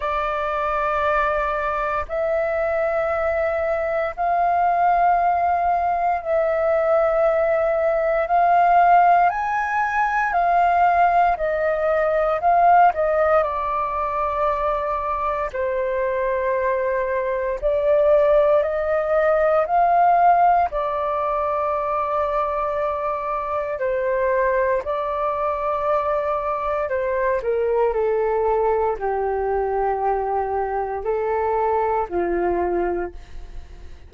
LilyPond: \new Staff \with { instrumentName = "flute" } { \time 4/4 \tempo 4 = 58 d''2 e''2 | f''2 e''2 | f''4 gis''4 f''4 dis''4 | f''8 dis''8 d''2 c''4~ |
c''4 d''4 dis''4 f''4 | d''2. c''4 | d''2 c''8 ais'8 a'4 | g'2 a'4 f'4 | }